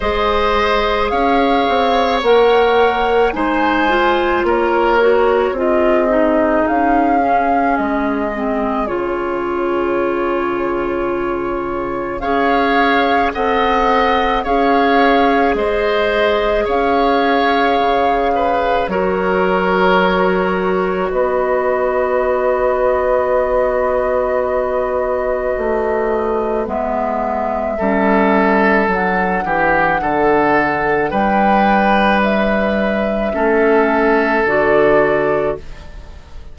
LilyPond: <<
  \new Staff \with { instrumentName = "flute" } { \time 4/4 \tempo 4 = 54 dis''4 f''4 fis''4 gis''4 | cis''4 dis''4 f''4 dis''4 | cis''2. f''4 | fis''4 f''4 dis''4 f''4~ |
f''4 cis''2 dis''4~ | dis''1 | e''2 fis''2 | g''4 e''2 d''4 | }
  \new Staff \with { instrumentName = "oboe" } { \time 4/4 c''4 cis''2 c''4 | ais'4 gis'2.~ | gis'2. cis''4 | dis''4 cis''4 c''4 cis''4~ |
cis''8 b'8 ais'2 b'4~ | b'1~ | b'4 a'4. g'8 a'4 | b'2 a'2 | }
  \new Staff \with { instrumentName = "clarinet" } { \time 4/4 gis'2 ais'4 dis'8 f'8~ | f'8 fis'8 f'8 dis'4 cis'4 c'8 | f'2. gis'4 | a'4 gis'2.~ |
gis'4 fis'2.~ | fis'1 | b4 cis'4 d'2~ | d'2 cis'4 fis'4 | }
  \new Staff \with { instrumentName = "bassoon" } { \time 4/4 gis4 cis'8 c'8 ais4 gis4 | ais4 c'4 cis'4 gis4 | cis2. cis'4 | c'4 cis'4 gis4 cis'4 |
cis4 fis2 b4~ | b2. a4 | gis4 g4 fis8 e8 d4 | g2 a4 d4 | }
>>